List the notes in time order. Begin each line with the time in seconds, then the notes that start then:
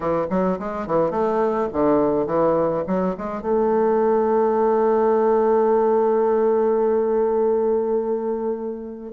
0.00 E3
0.30 F#3
0.59 G#3
0.86 E3
1.11 A3
1.72 D3
2.26 E3
2.87 F#3
3.17 G#3
3.41 A3